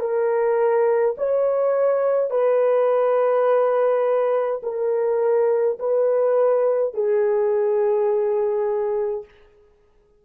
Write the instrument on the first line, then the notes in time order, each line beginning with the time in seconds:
horn
0.00 A#4
1.17 C#5
2.30 B4
4.63 A#4
5.79 B4
6.94 G#4